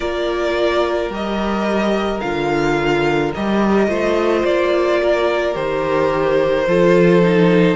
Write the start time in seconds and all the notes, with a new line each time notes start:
0.00 A#3 F4 A#4 D5
1.09 G3 G4 D#5
2.20 D3 F4 F5
3.34 G3 G4 D#5
3.87 A3 F4 C5
4.44 A#3 D5
5.02 A#4
5.53 D#3 G4 C5
6.66 F3 F4 A4
7.22 D#4